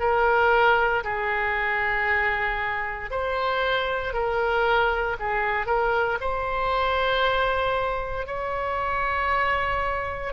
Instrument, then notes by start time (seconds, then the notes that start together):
oboe
0.00 A#4
1.04 G#4
3.11 C5
4.14 A#4
5.20 G#4
5.67 A#4
6.21 C5
8.27 C#5